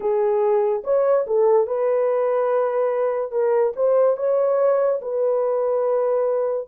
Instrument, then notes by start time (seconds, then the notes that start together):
horn
0.00 G#4
0.84 C#5
1.27 A4
1.67 B4
3.31 A#4
3.75 C5
4.16 C#5
5.01 B4